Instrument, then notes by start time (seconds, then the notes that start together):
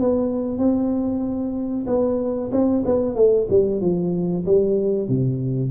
tuba
0.00 B3
0.58 C4
1.87 B3
2.52 C4
2.86 B3
3.16 A3
3.50 G3
3.82 F3
4.46 G3
5.09 C3